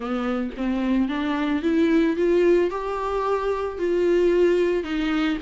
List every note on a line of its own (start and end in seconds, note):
0.00 0.50 B3
0.57 1.08 C4
1.08 1.62 D4
1.62 2.16 E4
2.16 2.70 F4
2.70 3.78 G4
3.78 4.83 F4
4.83 5.37 D#4